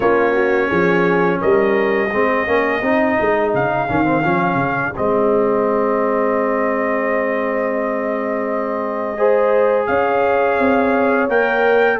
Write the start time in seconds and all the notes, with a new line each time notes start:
0.00 A#3 C#4 F4 C#5
0.32 F#4
0.69 F3 G#4
1.41 G3 A#4 D#5
2.10 G#3 C4 G#4
2.46 A#3 C#4
2.81 C4 D#4
3.19 G#3
3.54 C#3 F5
3.88 D#3 C#4
4.04 C4
4.23 F3 C#4
4.55 C#3
4.96 G#3 C4 D#5
9.17 G#4 C5
9.86 C#4 C#5 F5
10.59 C4
11.28 A#3 A#4 G5